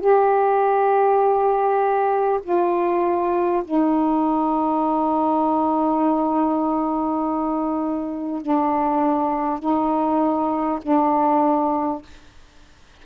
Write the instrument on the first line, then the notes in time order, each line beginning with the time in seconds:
saxophone
0.00 G4
2.43 F4
3.64 D#4
8.42 D4
9.59 D#4
10.82 D4